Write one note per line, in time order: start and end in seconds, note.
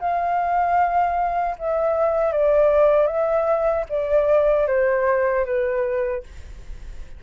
0.00 1.56 F5
1.58 2.32 E5
2.32 3.07 D5
3.07 3.85 E5
3.89 4.67 D5
4.67 5.45 C5
5.45 6.23 B4